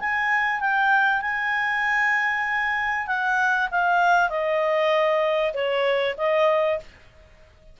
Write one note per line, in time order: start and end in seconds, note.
0.00 0.60 G#5
0.60 1.21 G5
1.21 3.07 G#5
3.07 3.69 F#5
3.71 4.29 F5
4.29 5.53 D#5
5.54 6.15 C#5
6.17 6.79 D#5